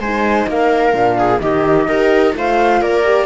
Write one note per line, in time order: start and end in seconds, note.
0.00 0.47 G#3
0.00 0.93 D#4
0.00 0.48 C5
0.00 0.48 G#5
0.47 0.94 A#3
0.47 1.18 A#4
0.47 1.40 F5
0.93 1.40 A#2
0.93 1.40 D4
1.18 1.42 G#4
1.40 1.88 D#3
1.40 1.88 D#4
1.40 1.89 G4
1.40 2.34 D#5
1.88 2.35 D#4
1.88 2.34 G4
1.88 2.36 A#4
2.34 2.82 A3
2.34 3.04 F4
2.34 2.82 C5
2.34 2.82 F5
2.82 3.26 A#3
2.82 3.26 A#4
2.82 3.26 D5
3.04 3.26 G4